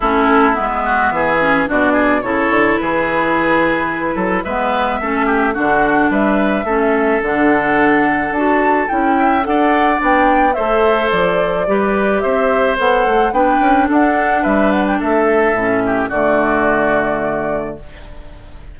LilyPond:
<<
  \new Staff \with { instrumentName = "flute" } { \time 4/4 \tempo 4 = 108 a'4 e''2 d''4 | cis''4 b'2. | e''2 fis''4 e''4~ | e''4 fis''2 a''4 |
g''4 fis''4 g''4 e''4 | d''2 e''4 fis''4 | g''4 fis''4 e''8 fis''16 g''16 e''4~ | e''4 d''2. | }
  \new Staff \with { instrumentName = "oboe" } { \time 4/4 e'4. fis'8 gis'4 fis'8 gis'8 | a'4 gis'2~ gis'8 a'8 | b'4 a'8 g'8 fis'4 b'4 | a'1~ |
a'8 e''8 d''2 c''4~ | c''4 b'4 c''2 | b'4 a'4 b'4 a'4~ | a'8 g'8 fis'2. | }
  \new Staff \with { instrumentName = "clarinet" } { \time 4/4 cis'4 b4. cis'8 d'4 | e'1 | b4 cis'4 d'2 | cis'4 d'2 fis'4 |
e'4 a'4 d'4 a'4~ | a'4 g'2 a'4 | d'1 | cis'4 a2. | }
  \new Staff \with { instrumentName = "bassoon" } { \time 4/4 a4 gis4 e4 b,4 | cis8 d8 e2~ e8 fis8 | gis4 a4 d4 g4 | a4 d2 d'4 |
cis'4 d'4 b4 a4 | f4 g4 c'4 b8 a8 | b8 cis'8 d'4 g4 a4 | a,4 d2. | }
>>